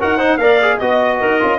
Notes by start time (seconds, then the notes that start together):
0.00 D#4 F#4 A#4 F#5
0.18 D#4 C5
0.38 A#3 A#4 D5 F5
0.62 G#4
0.78 B3 F#4 D#5
1.20 D#4 A#4
1.41 C#4 F4